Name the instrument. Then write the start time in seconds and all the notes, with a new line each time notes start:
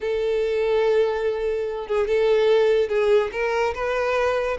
violin
0.00 A4
1.87 G#4
2.07 A4
2.89 G#4
3.32 A#4
3.74 B4